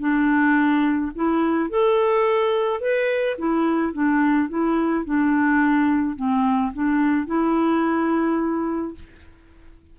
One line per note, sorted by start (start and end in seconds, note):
0.00 1.12 D4
1.15 1.70 E4
1.70 2.81 A4
2.81 3.37 B4
3.38 3.93 E4
3.93 4.49 D4
4.49 5.05 E4
5.05 6.17 D4
6.17 6.73 C4
6.74 7.27 D4
7.27 8.95 E4